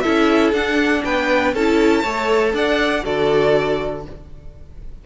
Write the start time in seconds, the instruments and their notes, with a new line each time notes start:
0.00 viola E4, violin A4 E5
0.06 cello C#4
0.52 cello D4, viola D4, violin F#5
1.04 cello B3, violin B4 G5
1.53 cello C#4, viola E4, violin A4 A5
2.02 cello A3, viola A4, violin C#5
2.52 cello D4, violin D5 F#5
3.02 cello D3, viola F#4, violin A4 D5